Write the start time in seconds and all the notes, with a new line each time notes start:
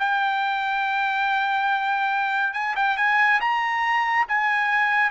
0.00 G5
2.54 G#5
2.76 G5
2.98 G#5
3.41 A#5
4.29 G#5